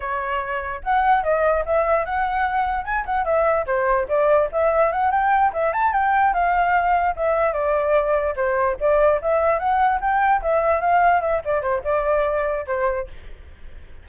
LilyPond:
\new Staff \with { instrumentName = "flute" } { \time 4/4 \tempo 4 = 147 cis''2 fis''4 dis''4 | e''4 fis''2 gis''8 fis''8 | e''4 c''4 d''4 e''4 | fis''8 g''4 e''8 a''8 g''4 f''8~ |
f''4. e''4 d''4.~ | d''8 c''4 d''4 e''4 fis''8~ | fis''8 g''4 e''4 f''4 e''8 | d''8 c''8 d''2 c''4 | }